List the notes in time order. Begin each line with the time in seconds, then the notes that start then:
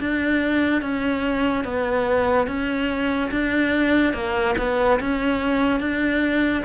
0.00 D4
0.82 C#4
1.65 B3
2.47 C#4
3.31 D4
4.14 A#3
4.58 B3
5.00 C#4
5.80 D4